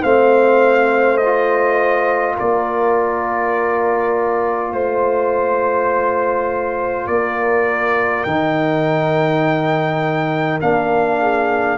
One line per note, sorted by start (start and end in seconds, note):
0.00 2.39 A3
0.00 1.21 C4
0.00 2.35 C5
0.00 1.17 F5
1.17 8.27 F4
1.17 2.35 D#5
2.36 4.73 A#3
2.36 4.71 A#4
2.36 4.73 D5
4.72 7.07 A3
4.72 7.07 C5
7.07 8.24 A#3
7.07 11.21 A#4
7.07 8.24 D5
8.24 10.61 D#3
8.24 10.61 D#4
8.24 10.59 G5
10.61 11.78 A#3
10.61 11.78 D4
10.61 11.78 F5
11.21 11.78 G#4